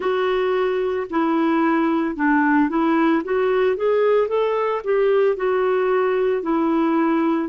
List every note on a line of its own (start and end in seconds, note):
0.00 1.07 F#4
1.10 2.15 E4
2.15 2.69 D4
2.69 3.22 E4
3.23 3.76 F#4
3.76 4.28 G#4
4.28 4.81 A4
4.84 5.36 G4
5.36 6.42 F#4
6.42 7.49 E4